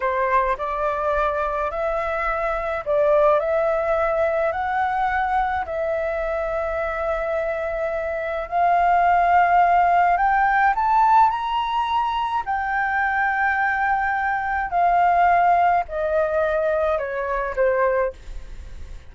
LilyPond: \new Staff \with { instrumentName = "flute" } { \time 4/4 \tempo 4 = 106 c''4 d''2 e''4~ | e''4 d''4 e''2 | fis''2 e''2~ | e''2. f''4~ |
f''2 g''4 a''4 | ais''2 g''2~ | g''2 f''2 | dis''2 cis''4 c''4 | }